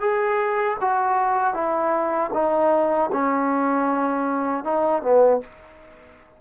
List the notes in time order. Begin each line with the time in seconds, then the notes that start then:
0.00 G#4
0.80 F#4
1.54 E4
2.33 D#4
3.12 C#4
4.64 D#4
5.02 B3